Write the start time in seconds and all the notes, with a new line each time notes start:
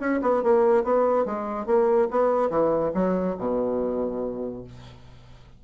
0.00 C#4
0.22 B3
0.43 A#3
0.84 B3
1.26 G#3
1.66 A#3
2.11 B3
2.50 E3
2.94 F#3
3.38 B2